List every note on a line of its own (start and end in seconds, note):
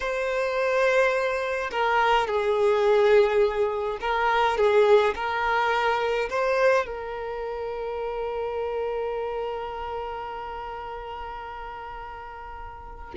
0.00 1.70 C5
1.71 2.27 A#4
2.27 3.98 G#4
4.00 4.57 A#4
4.57 5.14 G#4
5.15 6.29 A#4
6.29 6.85 C5
6.85 13.14 A#4